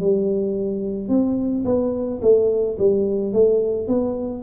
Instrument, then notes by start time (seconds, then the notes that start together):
tuba
0.00 G3
1.09 C4
1.65 B3
2.22 A3
2.78 G3
3.33 A3
3.88 B3